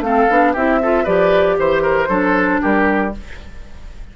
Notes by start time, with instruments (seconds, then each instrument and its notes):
0.00 bassoon A3, clarinet C4, oboe A4, flute F5
0.29 bassoon B3, clarinet D4
0.53 bassoon C4, clarinet E4, oboe G4, flute E5
0.82 clarinet F4, oboe A4
1.04 bassoon F3, clarinet G4, oboe B4, flute D5
1.58 bassoon E3, oboe C5, flute C5
1.82 oboe A#4
2.09 bassoon F#3, clarinet D4, oboe A4
2.62 bassoon G3, oboe G4, flute A#4